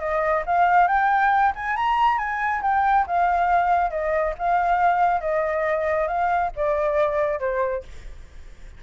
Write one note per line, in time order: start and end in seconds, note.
0.00 0.43 D#5
0.46 0.88 F5
0.88 1.53 G5
1.56 1.77 G#5
1.77 2.18 A#5
2.18 2.62 G#5
2.62 3.06 G5
3.07 3.91 F5
3.91 4.34 D#5
4.39 5.21 F5
5.21 6.08 D#5
6.08 6.51 F5
6.56 7.40 D5
7.40 7.83 C5